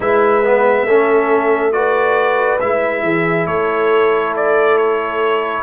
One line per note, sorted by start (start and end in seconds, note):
0.00 0.84 G#3
0.00 0.43 E4
0.00 0.86 B4
0.00 1.72 E5
0.43 0.87 B3
0.84 2.57 A3
0.84 1.72 C#4
0.84 1.73 A4
1.72 2.59 F#4
1.72 3.03 B4
1.72 2.59 D5
2.60 3.03 G#3
2.60 5.63 E4
2.60 3.47 E5
3.03 3.46 E3
3.03 3.47 G#4
3.46 5.63 A3
3.46 5.63 A4
3.46 4.34 C#5
4.36 4.77 D5
4.77 5.63 C#5